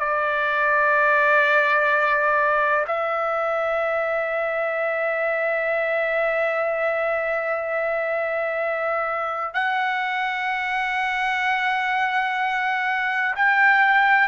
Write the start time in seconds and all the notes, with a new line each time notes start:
0.00 D5
2.87 E5
9.54 F#5
13.36 G5